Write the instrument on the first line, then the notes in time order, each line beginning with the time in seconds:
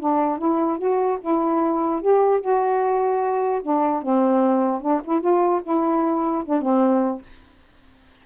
saxophone
0.00 D4
0.38 E4
0.78 F#4
1.21 E4
2.02 G4
2.41 F#4
3.62 D4
4.02 C4
4.81 D4
5.04 E4
5.21 F4
5.63 E4
6.45 D4
6.62 C4